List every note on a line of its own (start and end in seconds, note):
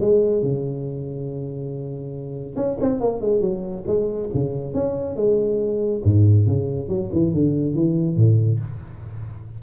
0.00 0.42 G#3
0.42 2.55 C#3
2.55 2.77 C#4
2.80 3.00 C4
3.00 3.20 A#3
3.20 3.40 G#3
3.40 3.84 F#3
3.86 4.29 G#3
4.33 4.74 C#3
4.74 5.16 C#4
5.16 6.02 G#3
6.04 6.46 G#2
6.46 6.88 C#3
6.88 7.10 F#3
7.12 7.33 E3
7.33 7.74 D3
7.74 8.16 E3
8.16 8.59 A2